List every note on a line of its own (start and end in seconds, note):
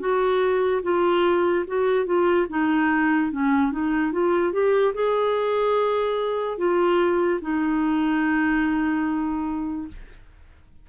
0.00 0.82 F#4
0.83 1.65 F4
1.67 2.06 F#4
2.06 2.47 F4
2.50 3.32 D#4
3.32 3.72 C#4
3.72 4.12 D#4
4.12 4.53 F4
4.53 4.94 G4
4.94 6.58 G#4
6.58 7.40 F4
7.42 9.88 D#4